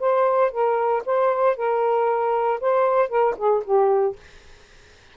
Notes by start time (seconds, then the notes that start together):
0.00 C5
0.51 A#4
1.06 C5
1.57 A#4
2.61 C5
3.09 A#4
3.38 G#4
3.65 G4